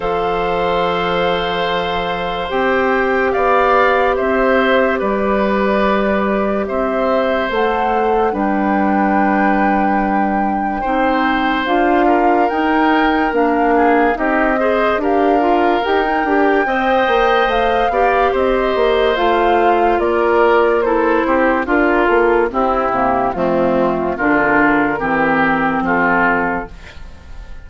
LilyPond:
<<
  \new Staff \with { instrumentName = "flute" } { \time 4/4 \tempo 4 = 72 f''2. g''4 | f''4 e''4 d''2 | e''4 fis''4 g''2~ | g''2 f''4 g''4 |
f''4 dis''4 f''4 g''4~ | g''4 f''4 dis''4 f''4 | d''4 c''4 ais'8 a'8 g'4 | f'4 ais'2 a'4 | }
  \new Staff \with { instrumentName = "oboe" } { \time 4/4 c''1 | d''4 c''4 b'2 | c''2 b'2~ | b'4 c''4. ais'4.~ |
ais'8 gis'8 g'8 c''8 ais'2 | dis''4. d''8 c''2 | ais'4 a'8 g'8 f'4 e'4 | c'4 f'4 g'4 f'4 | }
  \new Staff \with { instrumentName = "clarinet" } { \time 4/4 a'2. g'4~ | g'1~ | g'4 a'4 d'2~ | d'4 dis'4 f'4 dis'4 |
d'4 dis'8 gis'8 g'8 f'8 g'16 dis'16 g'8 | c''4. g'4. f'4~ | f'4 e'4 f'4 c'8 ais8 | a4 d'4 c'2 | }
  \new Staff \with { instrumentName = "bassoon" } { \time 4/4 f2. c'4 | b4 c'4 g2 | c'4 a4 g2~ | g4 c'4 d'4 dis'4 |
ais4 c'4 d'4 dis'8 d'8 | c'8 ais8 a8 b8 c'8 ais8 a4 | ais4. c'8 d'8 ais8 c'8 c8 | f4 d4 e4 f4 | }
>>